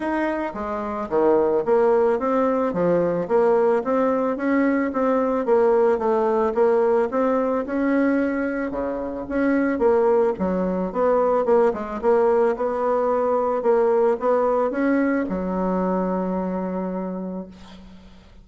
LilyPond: \new Staff \with { instrumentName = "bassoon" } { \time 4/4 \tempo 4 = 110 dis'4 gis4 dis4 ais4 | c'4 f4 ais4 c'4 | cis'4 c'4 ais4 a4 | ais4 c'4 cis'2 |
cis4 cis'4 ais4 fis4 | b4 ais8 gis8 ais4 b4~ | b4 ais4 b4 cis'4 | fis1 | }